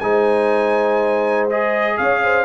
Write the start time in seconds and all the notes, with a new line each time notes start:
0.00 G#3 D#4 C5 G#5
1.50 G#4 D#5
1.97 C#4 C#5 F5
2.23 C5